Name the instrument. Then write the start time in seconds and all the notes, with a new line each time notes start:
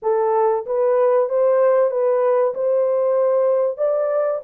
horn
0.02 A4
0.66 B4
1.29 C5
1.90 B4
2.54 C5
3.77 D5